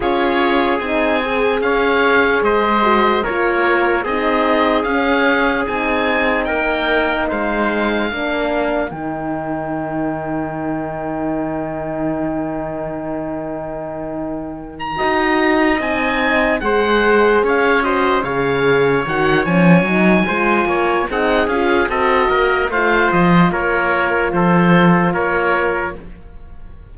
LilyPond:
<<
  \new Staff \with { instrumentName = "oboe" } { \time 4/4 \tempo 4 = 74 cis''4 gis''4 f''4 dis''4 | cis''4 dis''4 f''4 gis''4 | g''4 f''2 g''4~ | g''1~ |
g''2~ g''16 ais''4~ ais''16 gis''8~ | gis''8 fis''4 f''8 dis''8 f''4 fis''8 | gis''2 fis''8 f''8 dis''4 | f''8 dis''8 cis''4 c''4 cis''4 | }
  \new Staff \with { instrumentName = "trumpet" } { \time 4/4 gis'2 cis''4 c''4 | ais'4 gis'2. | ais'4 c''4 ais'2~ | ais'1~ |
ais'2~ ais'8 dis''4.~ | dis''8 c''4 cis''8 c''8 cis''4.~ | cis''4 c''8 cis''8 gis'4 a'8 ais'8 | c''4 ais'4 a'4 ais'4 | }
  \new Staff \with { instrumentName = "horn" } { \time 4/4 f'4 dis'8 gis'2 fis'8 | f'4 dis'4 cis'4 dis'4~ | dis'2 d'4 dis'4~ | dis'1~ |
dis'2~ dis'8 fis'4 dis'8~ | dis'8 gis'4. fis'8 gis'4 fis'8 | cis'8 dis'8 f'4 dis'8 f'8 fis'4 | f'1 | }
  \new Staff \with { instrumentName = "cello" } { \time 4/4 cis'4 c'4 cis'4 gis4 | ais4 c'4 cis'4 c'4 | ais4 gis4 ais4 dis4~ | dis1~ |
dis2~ dis8 dis'4 c'8~ | c'8 gis4 cis'4 cis4 dis8 | f8 fis8 gis8 ais8 c'8 cis'8 c'8 ais8 | a8 f8 ais4 f4 ais4 | }
>>